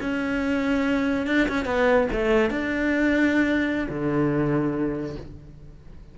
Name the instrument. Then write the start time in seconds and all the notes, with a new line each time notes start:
cello
0.00 C#4
1.27 D4
1.48 C#4
1.65 B3
2.11 A3
2.50 D4
3.89 D3